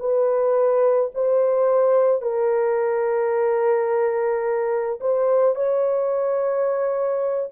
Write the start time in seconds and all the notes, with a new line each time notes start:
0.00 B4
1.15 C5
2.22 A#4
5.01 C5
5.56 C#5